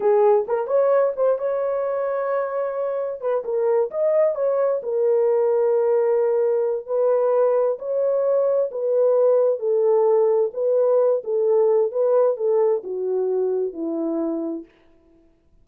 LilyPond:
\new Staff \with { instrumentName = "horn" } { \time 4/4 \tempo 4 = 131 gis'4 ais'8 cis''4 c''8 cis''4~ | cis''2. b'8 ais'8~ | ais'8 dis''4 cis''4 ais'4.~ | ais'2. b'4~ |
b'4 cis''2 b'4~ | b'4 a'2 b'4~ | b'8 a'4. b'4 a'4 | fis'2 e'2 | }